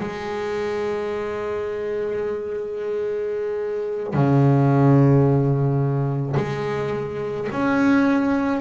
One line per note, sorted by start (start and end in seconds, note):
0.00 4.14 G#3
4.14 6.36 C#3
6.37 7.48 G#3
7.52 8.61 C#4